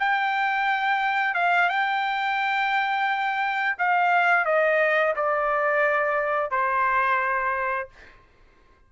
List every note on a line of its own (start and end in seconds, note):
0.00 1.35 G5
1.35 1.69 F5
1.69 3.76 G5
3.78 4.45 F5
4.45 5.14 D#5
5.16 6.51 D5
6.51 7.89 C5